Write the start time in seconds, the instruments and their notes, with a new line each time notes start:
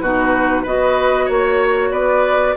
0.00 bassoon B2, clarinet D#4, oboe F#4, flute B4
0.62 bassoon B3, clarinet F#4, oboe B4, flute D#5
1.25 bassoon A#3, oboe C#5, flute C#5
1.91 bassoon B3, oboe B4, flute D5